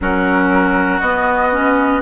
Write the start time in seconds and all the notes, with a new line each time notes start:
0.00 F#3 C#4 F#4 A#4
1.00 B3 D#5
1.51 C#4